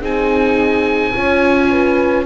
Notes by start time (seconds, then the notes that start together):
0.00 C4 D#4 G#4 G#5
1.14 C#4 F4 C#5
1.70 B4